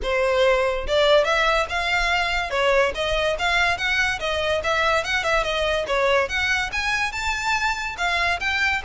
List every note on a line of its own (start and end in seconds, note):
0.02 0.86 C5
0.87 1.24 D5
1.24 1.66 E5
1.69 2.50 F5
2.50 2.92 C#5
2.94 3.36 D#5
3.38 3.77 F5
3.77 4.19 F#5
4.19 4.61 D#5
4.63 5.04 E5
5.04 5.23 F#5
5.23 5.43 E5
5.43 5.85 D#5
5.87 6.28 C#5
6.28 6.70 F#5
6.72 7.12 G#5
7.12 7.95 A5
7.97 8.39 F5
8.40 8.81 G5